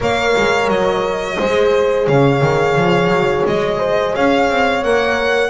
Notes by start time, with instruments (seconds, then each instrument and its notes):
0.00 double bass A#3, horn A#4 C#5, violin F5
0.36 double bass G#3
0.68 double bass F#3, violin D#5
1.38 double bass G#3, horn G#4 C5
2.05 double bass C#3, horn C#5, violin F5
2.42 double bass D#3
2.77 double bass F3
3.07 double bass F#3
3.46 double bass G#3, violin D#5
3.78 horn C5
4.11 double bass C#4, horn C#5, violin F5
4.49 double bass C4
4.83 double bass A#3, horn A#4, violin F#5